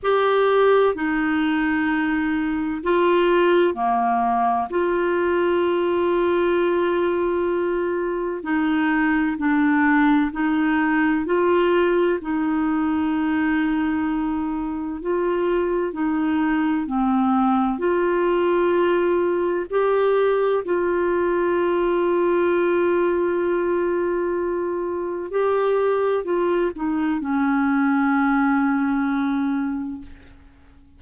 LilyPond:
\new Staff \with { instrumentName = "clarinet" } { \time 4/4 \tempo 4 = 64 g'4 dis'2 f'4 | ais4 f'2.~ | f'4 dis'4 d'4 dis'4 | f'4 dis'2. |
f'4 dis'4 c'4 f'4~ | f'4 g'4 f'2~ | f'2. g'4 | f'8 dis'8 cis'2. | }